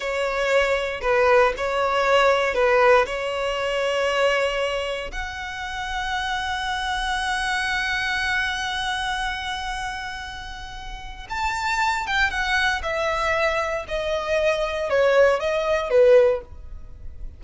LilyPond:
\new Staff \with { instrumentName = "violin" } { \time 4/4 \tempo 4 = 117 cis''2 b'4 cis''4~ | cis''4 b'4 cis''2~ | cis''2 fis''2~ | fis''1~ |
fis''1~ | fis''2 a''4. g''8 | fis''4 e''2 dis''4~ | dis''4 cis''4 dis''4 b'4 | }